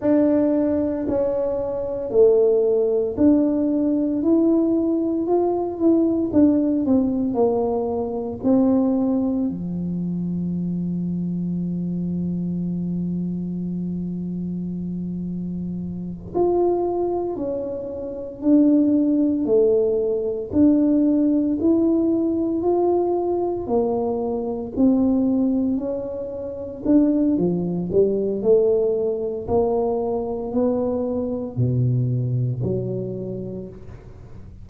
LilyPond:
\new Staff \with { instrumentName = "tuba" } { \time 4/4 \tempo 4 = 57 d'4 cis'4 a4 d'4 | e'4 f'8 e'8 d'8 c'8 ais4 | c'4 f2.~ | f2.~ f8 f'8~ |
f'8 cis'4 d'4 a4 d'8~ | d'8 e'4 f'4 ais4 c'8~ | c'8 cis'4 d'8 f8 g8 a4 | ais4 b4 b,4 fis4 | }